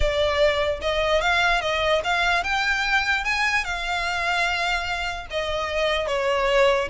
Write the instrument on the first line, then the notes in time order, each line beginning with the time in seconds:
violin
0.00 D5
0.81 D#5
1.21 F5
1.61 D#5
2.03 F5
2.43 G5
3.24 G#5
3.64 F5
5.30 D#5
6.07 C#5